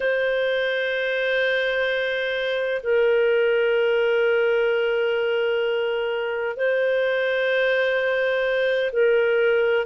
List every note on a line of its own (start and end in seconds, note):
0.00 2.81 C5
2.82 6.56 A#4
6.56 8.91 C5
8.92 9.85 A#4